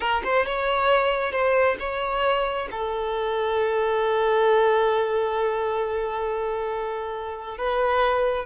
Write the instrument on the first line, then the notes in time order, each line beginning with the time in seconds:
violin
0.00 A#4
0.23 C5
0.46 C#5
1.32 C5
1.79 C#5
2.71 A4
7.57 B4